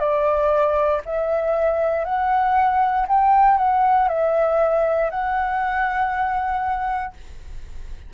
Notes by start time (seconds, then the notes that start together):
0.00 D5
1.06 E5
2.05 F#5
3.08 G5
3.58 F#5
4.09 E5
5.11 F#5